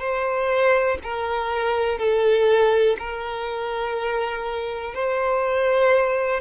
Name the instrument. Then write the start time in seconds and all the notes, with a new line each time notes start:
violin
0.00 C5
1.04 A#4
1.99 A4
2.99 A#4
4.95 C5